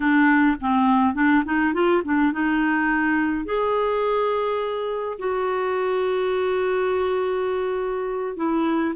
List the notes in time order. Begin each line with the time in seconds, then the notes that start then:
0.00 D4
0.61 C4
1.14 D4
1.44 D#4
1.73 F4
2.04 D4
2.32 D#4
3.45 G#4
5.18 F#4
8.36 E4